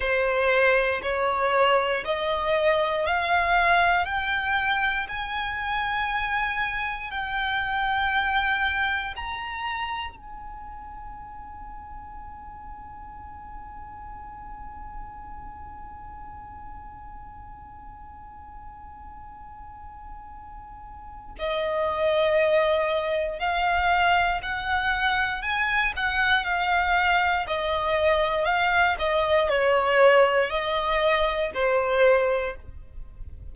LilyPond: \new Staff \with { instrumentName = "violin" } { \time 4/4 \tempo 4 = 59 c''4 cis''4 dis''4 f''4 | g''4 gis''2 g''4~ | g''4 ais''4 gis''2~ | gis''1~ |
gis''1~ | gis''4 dis''2 f''4 | fis''4 gis''8 fis''8 f''4 dis''4 | f''8 dis''8 cis''4 dis''4 c''4 | }